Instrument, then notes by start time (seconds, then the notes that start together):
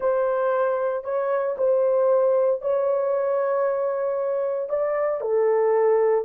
horn
0.00 C5
1.04 C#5
1.57 C5
2.61 C#5
4.69 D5
5.21 A4